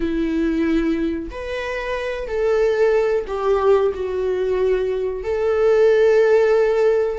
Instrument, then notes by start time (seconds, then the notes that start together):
viola
0.00 E4
1.30 B4
2.27 A4
3.27 G4
3.94 F#4
5.24 A4